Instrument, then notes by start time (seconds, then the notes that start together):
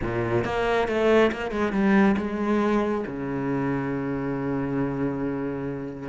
cello
0.01 A#2
0.44 A#3
0.87 A3
1.32 A#3
1.51 G#3
1.72 G3
2.17 G#3
3.06 C#3